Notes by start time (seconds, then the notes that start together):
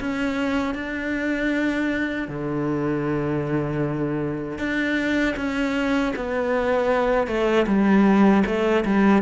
0.00 C#4
0.74 D4
2.28 D3
4.58 D4
5.36 C#4
6.16 B3
7.27 A3
7.67 G3
8.46 A3
8.85 G3